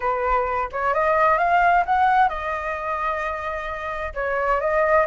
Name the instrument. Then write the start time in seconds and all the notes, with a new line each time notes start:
flute
0.00 B4
0.72 C#5
0.94 D#5
1.38 F5
1.85 F#5
2.28 D#5
4.14 C#5
4.60 D#5